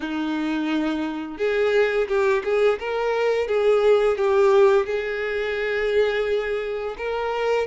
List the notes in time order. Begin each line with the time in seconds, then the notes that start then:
0.00 D#4
1.37 G#4
2.08 G4
2.44 G#4
2.79 A#4
3.47 G#4
4.17 G4
4.86 G#4
6.97 A#4